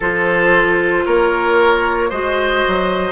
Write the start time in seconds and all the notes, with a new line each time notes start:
0.00 F3 F4 A4 C5
1.05 A#3 A#4 C#5
2.09 G#3 F#4 C5 D#5
2.67 F#3